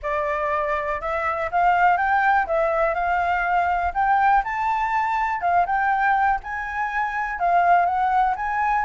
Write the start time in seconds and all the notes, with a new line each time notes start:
0.02 D5
1.01 E5
1.51 F5
1.97 G5
2.46 E5
2.94 F5
3.93 G5
4.44 A5
5.41 F5
5.66 G5
6.43 G#5
7.39 F5
7.85 F#5
8.36 G#5